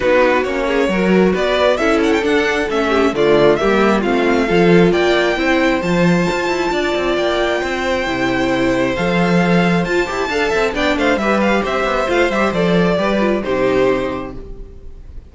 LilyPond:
<<
  \new Staff \with { instrumentName = "violin" } { \time 4/4 \tempo 4 = 134 b'4 cis''2 d''4 | e''8 fis''16 g''16 fis''4 e''4 d''4 | e''4 f''2 g''4~ | g''4 a''2. |
g''1 | f''2 a''2 | g''8 f''8 e''8 f''8 e''4 f''8 e''8 | d''2 c''2 | }
  \new Staff \with { instrumentName = "violin" } { \time 4/4 fis'4. gis'8 ais'4 b'4 | a'2~ a'8 g'8 f'4 | g'4 f'4 a'4 d''4 | c''2. d''4~ |
d''4 c''2.~ | c''2. f''8 e''8 | d''8 c''8 b'4 c''2~ | c''4 b'4 g'2 | }
  \new Staff \with { instrumentName = "viola" } { \time 4/4 dis'4 cis'4 fis'2 | e'4 d'4 cis'4 a4 | ais4 c'4 f'2 | e'4 f'2.~ |
f'2 e'2 | a'2 f'8 g'8 a'4 | d'4 g'2 f'8 g'8 | a'4 g'8 f'8 dis'2 | }
  \new Staff \with { instrumentName = "cello" } { \time 4/4 b4 ais4 fis4 b4 | cis'4 d'4 a4 d4 | g4 a4 f4 ais4 | c'4 f4 f'8 e'8 d'8 c'8 |
ais4 c'4 c2 | f2 f'8 e'8 d'8 c'8 | b8 a8 g4 c'8 b8 a8 g8 | f4 g4 c2 | }
>>